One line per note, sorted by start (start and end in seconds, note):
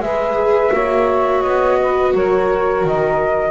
0.00 0.71 G#3
0.00 0.73 G#4
0.00 0.73 B4
0.00 1.42 E5
0.73 1.44 A#3
0.73 3.51 F#4
0.73 1.79 C#5
1.42 2.14 B3
1.42 2.13 D#5
1.81 2.15 B4
2.14 2.84 F#3
2.14 3.51 A#4
2.14 2.87 C#5
2.84 3.51 D#3
2.84 3.51 D#5